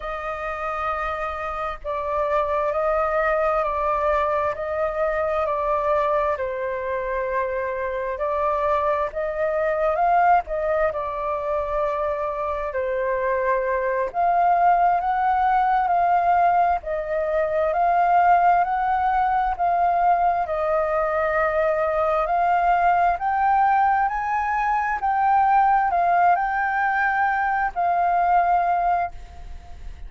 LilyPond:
\new Staff \with { instrumentName = "flute" } { \time 4/4 \tempo 4 = 66 dis''2 d''4 dis''4 | d''4 dis''4 d''4 c''4~ | c''4 d''4 dis''4 f''8 dis''8 | d''2 c''4. f''8~ |
f''8 fis''4 f''4 dis''4 f''8~ | f''8 fis''4 f''4 dis''4.~ | dis''8 f''4 g''4 gis''4 g''8~ | g''8 f''8 g''4. f''4. | }